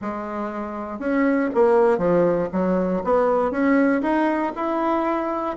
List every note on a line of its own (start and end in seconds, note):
0.01 0.99 G#3
0.99 1.49 C#4
1.54 1.98 A#3
1.98 2.48 F3
2.52 3.03 F#3
3.04 3.51 B3
3.51 4.01 C#4
4.02 4.52 D#4
4.55 5.56 E4